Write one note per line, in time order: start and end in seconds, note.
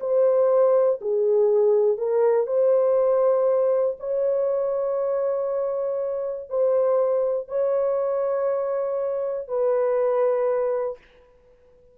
0.00 1.00 C5
1.01 1.97 G#4
1.97 2.47 A#4
2.47 3.97 C5
3.99 6.49 C#5
6.49 7.48 C5
7.48 9.48 C#5
9.48 10.98 B4